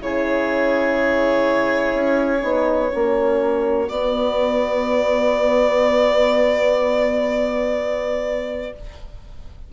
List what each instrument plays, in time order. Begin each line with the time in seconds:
0.00 bassoon C#3, horn E4, oboe G#4, violin C#5
1.93 bassoon C#4
2.41 bassoon B3, horn D#4
2.91 bassoon A#3, horn C#4, oboe F#4
3.88 horn B3, bassoon B3, violin D5